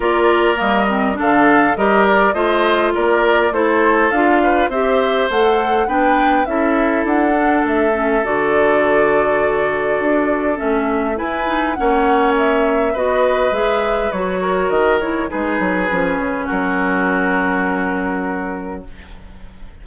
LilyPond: <<
  \new Staff \with { instrumentName = "flute" } { \time 4/4 \tempo 4 = 102 d''4 dis''4 f''4 dis''8 d''8 | dis''4 d''4 c''4 f''4 | e''4 fis''4 g''4 e''4 | fis''4 e''4 d''2~ |
d''2 e''4 gis''4 | fis''4 e''4 dis''4 e''4 | cis''4 dis''8 cis''8 b'2 | ais'1 | }
  \new Staff \with { instrumentName = "oboe" } { \time 4/4 ais'2 a'4 ais'4 | c''4 ais'4 a'4. b'8 | c''2 b'4 a'4~ | a'1~ |
a'2. b'4 | cis''2 b'2~ | b'8 ais'4. gis'2 | fis'1 | }
  \new Staff \with { instrumentName = "clarinet" } { \time 4/4 f'4 ais8 c'8 d'4 g'4 | f'2 e'4 f'4 | g'4 a'4 d'4 e'4~ | e'8 d'4 cis'8 fis'2~ |
fis'2 cis'4 e'8 dis'8 | cis'2 fis'4 gis'4 | fis'4. e'8 dis'4 cis'4~ | cis'1 | }
  \new Staff \with { instrumentName = "bassoon" } { \time 4/4 ais4 g4 d4 g4 | a4 ais4 a4 d'4 | c'4 a4 b4 cis'4 | d'4 a4 d2~ |
d4 d'4 a4 e'4 | ais2 b4 gis4 | fis4 dis4 gis8 fis8 f8 cis8 | fis1 | }
>>